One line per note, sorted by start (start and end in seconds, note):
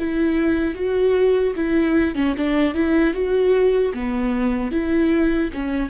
0.00 0.75 E4
0.75 1.54 F#4
1.56 2.15 E4
2.16 2.35 C#4
2.38 2.75 D4
2.75 3.14 E4
3.14 3.93 F#4
3.94 4.72 B3
4.72 5.51 E4
5.54 5.90 C#4